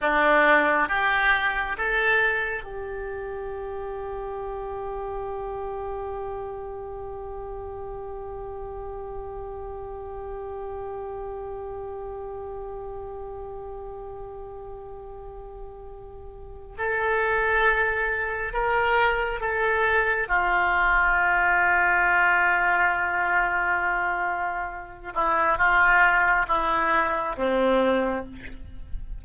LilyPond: \new Staff \with { instrumentName = "oboe" } { \time 4/4 \tempo 4 = 68 d'4 g'4 a'4 g'4~ | g'1~ | g'1~ | g'1~ |
g'2. a'4~ | a'4 ais'4 a'4 f'4~ | f'1~ | f'8 e'8 f'4 e'4 c'4 | }